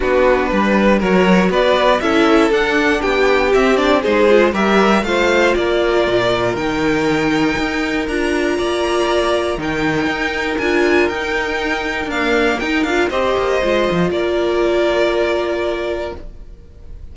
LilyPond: <<
  \new Staff \with { instrumentName = "violin" } { \time 4/4 \tempo 4 = 119 b'2 cis''4 d''4 | e''4 fis''4 g''4 e''8 d''8 | c''4 e''4 f''4 d''4~ | d''4 g''2. |
ais''2. g''4~ | g''4 gis''4 g''2 | f''4 g''8 f''8 dis''2 | d''1 | }
  \new Staff \with { instrumentName = "violin" } { \time 4/4 fis'4 b'4 ais'4 b'4 | a'2 g'2 | gis'4 ais'4 c''4 ais'4~ | ais'1~ |
ais'4 d''2 ais'4~ | ais'1~ | ais'2 c''2 | ais'1 | }
  \new Staff \with { instrumentName = "viola" } { \time 4/4 d'2 fis'2 | e'4 d'2 c'8 d'8 | dis'8 f'8 g'4 f'2~ | f'4 dis'2. |
f'2. dis'4~ | dis'4 f'4 dis'2 | ais4 dis'8 f'8 g'4 f'4~ | f'1 | }
  \new Staff \with { instrumentName = "cello" } { \time 4/4 b4 g4 fis4 b4 | cis'4 d'4 b4 c'4 | gis4 g4 a4 ais4 | ais,4 dis2 dis'4 |
d'4 ais2 dis4 | dis'4 d'4 dis'2 | d'4 dis'8 d'8 c'8 ais8 gis8 f8 | ais1 | }
>>